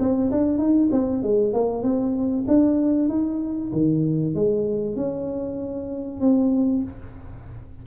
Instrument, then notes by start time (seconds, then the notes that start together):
tuba
0.00 C4
0.32 D4
0.58 D#4
0.92 C4
1.23 G#3
1.53 A#3
1.83 C4
2.48 D4
3.09 D#4
3.73 D#3
4.35 G#3
4.96 C#4
6.20 C4